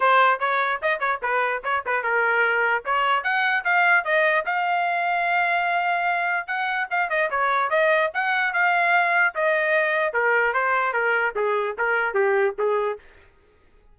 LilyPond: \new Staff \with { instrumentName = "trumpet" } { \time 4/4 \tempo 4 = 148 c''4 cis''4 dis''8 cis''8 b'4 | cis''8 b'8 ais'2 cis''4 | fis''4 f''4 dis''4 f''4~ | f''1 |
fis''4 f''8 dis''8 cis''4 dis''4 | fis''4 f''2 dis''4~ | dis''4 ais'4 c''4 ais'4 | gis'4 ais'4 g'4 gis'4 | }